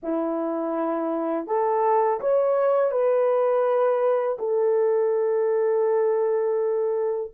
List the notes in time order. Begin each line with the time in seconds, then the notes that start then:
0.02 E4
1.46 A4
2.20 C#5
2.91 B4
4.38 A4